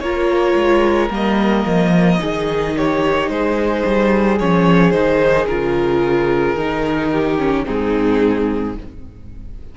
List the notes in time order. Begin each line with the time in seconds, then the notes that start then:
0.00 A#3 F4 A#4 C#5
0.55 G#3
1.10 G3 A#3 D#5
1.65 F3
2.19 D#3 D#4 G#4
2.77 G4 C#5
3.29 G#3 G#4 C5
3.85 G3
4.39 F3 C#4 C#5
4.91 D#3 D#4 C5
5.47 C#3 F4 A#4
6.55 D#3 D#4
7.11 G4
7.39 C#4
7.65 G#2 C4 D#4 G#4